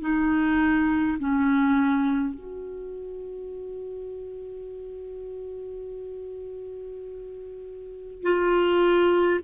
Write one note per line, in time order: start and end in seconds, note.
0.00 1.18 D#4
1.19 2.34 C#4
2.34 8.22 F#4
8.22 9.40 F4